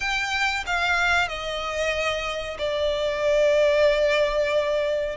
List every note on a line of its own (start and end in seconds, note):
0.00 0.64 G5
0.66 1.28 F5
1.28 2.57 D#5
2.58 5.16 D5